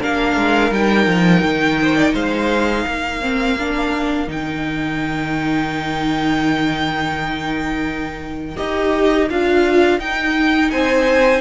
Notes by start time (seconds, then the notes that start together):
0.00 A#3 D4 A#4 F5
0.37 G#3
0.71 G3 D#4 G5
1.07 F3
1.43 D#3
1.82 C5
1.96 D5
2.14 G#3 C5 F5
2.86 A#3 A#4
3.22 C4
3.59 D4
4.28 D#3 D#4 G5
8.57 D#4 G4 D#5
9.30 D4 F4 F5
9.99 D#4 G5
10.71 C4 C5 G#5